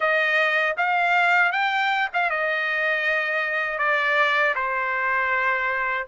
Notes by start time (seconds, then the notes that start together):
0.00 D#5
0.77 F5
1.52 G5
2.13 F5
2.30 D#5
3.78 D5
4.55 C5